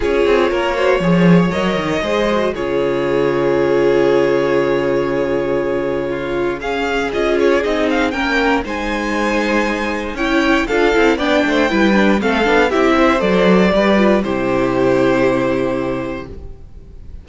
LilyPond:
<<
  \new Staff \with { instrumentName = "violin" } { \time 4/4 \tempo 4 = 118 cis''2. dis''4~ | dis''4 cis''2.~ | cis''1~ | cis''4 f''4 dis''8 cis''8 dis''8 f''8 |
g''4 gis''2. | g''4 f''4 g''2 | f''4 e''4 d''2 | c''1 | }
  \new Staff \with { instrumentName = "violin" } { \time 4/4 gis'4 ais'8 c''8 cis''2 | c''4 gis'2.~ | gis'1 | f'4 gis'2. |
ais'4 c''2. | cis''4 a'4 d''8 c''8 b'4 | a'4 g'8 c''4. b'4 | g'1 | }
  \new Staff \with { instrumentName = "viola" } { \time 4/4 f'4. fis'8 gis'4 ais'4 | gis'8 fis'8 f'2.~ | f'1~ | f'4 cis'4 f'4 dis'4 |
cis'4 dis'2. | e'4 f'8 e'8 d'4 e'8 d'8 | c'8 d'8 e'4 a'4 g'8 f'8 | e'1 | }
  \new Staff \with { instrumentName = "cello" } { \time 4/4 cis'8 c'8 ais4 f4 fis8 dis8 | gis4 cis2.~ | cis1~ | cis2 cis'4 c'4 |
ais4 gis2. | cis'4 d'8 c'8 b8 a8 g4 | a8 b8 c'4 fis4 g4 | c1 | }
>>